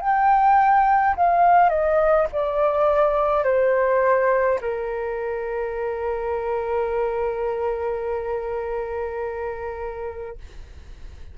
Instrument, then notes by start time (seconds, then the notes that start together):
flute
0.00 G5
1.16 F5
1.69 D#5
2.32 D5
3.44 C5
4.60 A#4